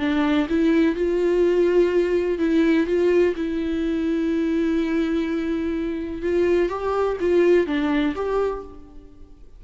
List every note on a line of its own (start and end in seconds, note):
0.00 0.48 D4
0.49 0.96 E4
0.96 2.39 F4
2.39 2.87 E4
2.87 3.35 F4
3.36 6.22 E4
6.22 6.69 F4
6.69 7.17 G4
7.21 7.67 F4
7.67 8.15 D4
8.16 8.64 G4